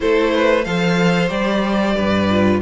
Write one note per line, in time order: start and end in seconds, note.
0.00 0.65 A3
0.00 0.62 E4
0.00 0.33 A4
0.00 0.64 C5
0.33 0.65 B4
0.64 1.30 F3
0.64 1.28 A4
0.64 1.95 C5
0.64 1.29 F5
1.28 1.95 G3
1.28 2.25 G4
1.28 2.60 D5
1.95 2.62 G2
1.95 2.61 B4
2.30 2.62 F4